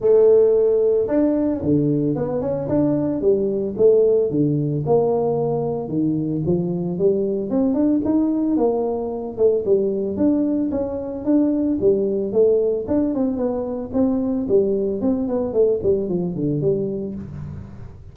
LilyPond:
\new Staff \with { instrumentName = "tuba" } { \time 4/4 \tempo 4 = 112 a2 d'4 d4 | b8 cis'8 d'4 g4 a4 | d4 ais2 dis4 | f4 g4 c'8 d'8 dis'4 |
ais4. a8 g4 d'4 | cis'4 d'4 g4 a4 | d'8 c'8 b4 c'4 g4 | c'8 b8 a8 g8 f8 d8 g4 | }